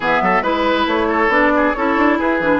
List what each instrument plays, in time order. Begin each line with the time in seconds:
0.00 bassoon E3, clarinet B3, oboe G#4, flute E5
0.21 bassoon F#3, oboe A4
0.41 bassoon G#3, clarinet E4, oboe B4, flute B4
0.86 bassoon A3, flute C#5
1.08 oboe A4
1.28 bassoon B3, clarinet D4, flute D5
1.56 oboe G#4
1.73 bassoon C#4, clarinet E4, oboe A4, flute C#5
1.97 bassoon D4
2.18 bassoon E4, oboe G#4, flute B4
2.39 bassoon E3, clarinet D4